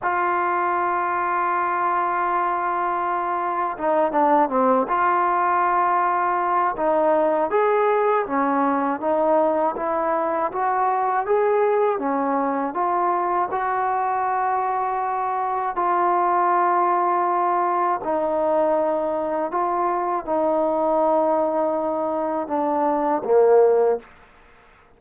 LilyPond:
\new Staff \with { instrumentName = "trombone" } { \time 4/4 \tempo 4 = 80 f'1~ | f'4 dis'8 d'8 c'8 f'4.~ | f'4 dis'4 gis'4 cis'4 | dis'4 e'4 fis'4 gis'4 |
cis'4 f'4 fis'2~ | fis'4 f'2. | dis'2 f'4 dis'4~ | dis'2 d'4 ais4 | }